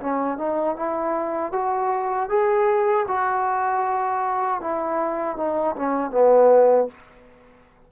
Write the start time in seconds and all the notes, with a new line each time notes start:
0.00 C#4
0.38 D#4
0.76 E4
1.52 F#4
2.29 G#4
3.08 F#4
4.61 E4
5.37 D#4
5.76 C#4
6.11 B3